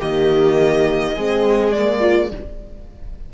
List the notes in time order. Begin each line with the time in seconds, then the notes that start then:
0.00 D#3 A#3 G4 D#5
1.16 G#3 C4 G#4
1.72 A#3 D5
2.00 F4